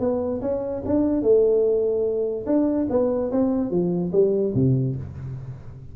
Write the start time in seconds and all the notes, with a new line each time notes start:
0.00 B3
0.42 C#4
0.86 D4
1.23 A3
2.46 D4
2.90 B3
3.32 C4
3.71 F3
4.12 G3
4.55 C3